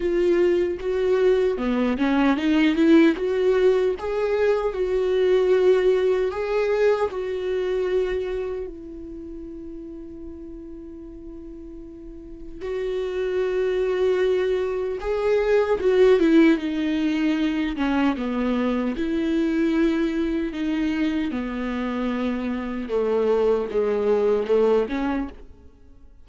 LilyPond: \new Staff \with { instrumentName = "viola" } { \time 4/4 \tempo 4 = 76 f'4 fis'4 b8 cis'8 dis'8 e'8 | fis'4 gis'4 fis'2 | gis'4 fis'2 e'4~ | e'1 |
fis'2. gis'4 | fis'8 e'8 dis'4. cis'8 b4 | e'2 dis'4 b4~ | b4 a4 gis4 a8 cis'8 | }